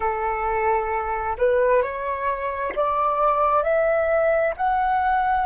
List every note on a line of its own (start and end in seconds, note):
0.00 1.36 A4
1.38 1.82 B4
1.82 2.73 C#5
2.75 3.63 D5
3.63 4.54 E5
4.57 5.46 F#5